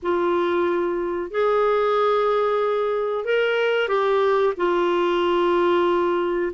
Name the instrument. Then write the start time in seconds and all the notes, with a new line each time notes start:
clarinet
0.02 F4
1.30 G#4
3.25 A#4
3.88 G4
4.57 F4